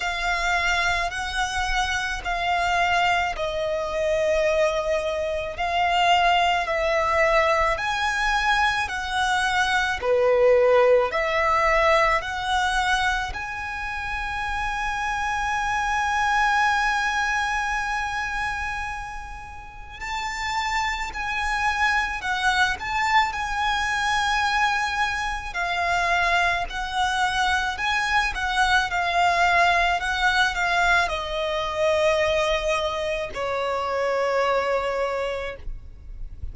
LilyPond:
\new Staff \with { instrumentName = "violin" } { \time 4/4 \tempo 4 = 54 f''4 fis''4 f''4 dis''4~ | dis''4 f''4 e''4 gis''4 | fis''4 b'4 e''4 fis''4 | gis''1~ |
gis''2 a''4 gis''4 | fis''8 a''8 gis''2 f''4 | fis''4 gis''8 fis''8 f''4 fis''8 f''8 | dis''2 cis''2 | }